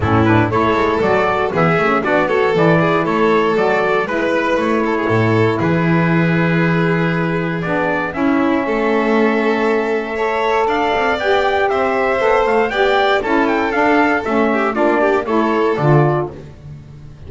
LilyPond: <<
  \new Staff \with { instrumentName = "trumpet" } { \time 4/4 \tempo 4 = 118 a'8 b'8 cis''4 d''4 e''4 | d''8 cis''8 d''4 cis''4 d''4 | b'4 cis''2 b'4~ | b'2. d''4 |
e''1~ | e''4 f''4 g''4 e''4~ | e''8 f''8 g''4 a''8 g''8 f''4 | e''4 d''4 cis''4 d''4 | }
  \new Staff \with { instrumentName = "violin" } { \time 4/4 e'4 a'2 gis'4 | fis'8 a'4 gis'8 a'2 | b'4. a'16 gis'16 a'4 gis'4~ | gis'1 |
e'4 a'2. | cis''4 d''2 c''4~ | c''4 d''4 a'2~ | a'8 g'8 f'8 g'8 a'2 | }
  \new Staff \with { instrumentName = "saxophone" } { \time 4/4 cis'8 d'8 e'4 fis'4 b8 cis'8 | d'8 fis'8 e'2 fis'4 | e'1~ | e'2. d'4 |
cis'1 | a'2 g'2 | a'4 g'4 e'4 d'4 | cis'4 d'4 e'4 f'4 | }
  \new Staff \with { instrumentName = "double bass" } { \time 4/4 a,4 a8 gis8 fis4 e8 a8 | b4 e4 a4 fis4 | gis4 a4 a,4 e4~ | e2. b4 |
cis'4 a2.~ | a4 d'8 c'8 b4 c'4 | b8 a8 b4 cis'4 d'4 | a4 ais4 a4 d4 | }
>>